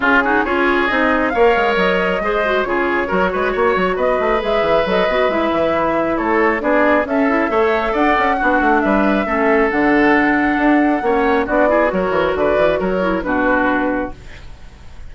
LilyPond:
<<
  \new Staff \with { instrumentName = "flute" } { \time 4/4 \tempo 4 = 136 gis'4 cis''4 dis''4 f''4 | dis''2 cis''2~ | cis''4 dis''4 e''4 dis''4 | e''2 cis''4 d''4 |
e''2 fis''2 | e''2 fis''2~ | fis''2 d''4 cis''4 | d''4 cis''4 b'2 | }
  \new Staff \with { instrumentName = "oboe" } { \time 4/4 f'8 fis'8 gis'2 cis''4~ | cis''4 c''4 gis'4 ais'8 b'8 | cis''4 b'2.~ | b'2 a'4 gis'4 |
a'4 cis''4 d''4 fis'4 | b'4 a'2.~ | a'4 cis''4 fis'8 gis'8 ais'4 | b'4 ais'4 fis'2 | }
  \new Staff \with { instrumentName = "clarinet" } { \time 4/4 cis'8 dis'8 f'4 dis'4 ais'4~ | ais'4 gis'8 fis'8 f'4 fis'4~ | fis'2 gis'4 a'8 fis'8 | e'2. d'4 |
cis'8 e'8 a'2 d'4~ | d'4 cis'4 d'2~ | d'4 cis'4 d'8 e'8 fis'4~ | fis'4. e'8 d'2 | }
  \new Staff \with { instrumentName = "bassoon" } { \time 4/4 cis4 cis'4 c'4 ais8 gis8 | fis4 gis4 cis4 fis8 gis8 | ais8 fis8 b8 a8 gis8 e8 fis8 b8 | gis8 e4. a4 b4 |
cis'4 a4 d'8 cis'8 b8 a8 | g4 a4 d2 | d'4 ais4 b4 fis8 e8 | d8 e8 fis4 b,2 | }
>>